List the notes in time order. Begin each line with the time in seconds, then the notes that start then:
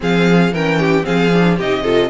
0.00 F3 C4 G#4 F5
0.52 E3 C#4 A#4 G5
0.79 G4
1.03 F3 C4 G#4 F5
1.33 D4
1.56 C3 D#4 G4 D#5
1.82 F4 A4